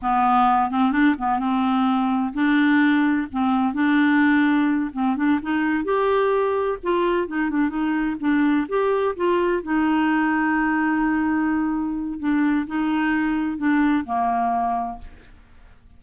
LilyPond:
\new Staff \with { instrumentName = "clarinet" } { \time 4/4 \tempo 4 = 128 b4. c'8 d'8 b8 c'4~ | c'4 d'2 c'4 | d'2~ d'8 c'8 d'8 dis'8~ | dis'8 g'2 f'4 dis'8 |
d'8 dis'4 d'4 g'4 f'8~ | f'8 dis'2.~ dis'8~ | dis'2 d'4 dis'4~ | dis'4 d'4 ais2 | }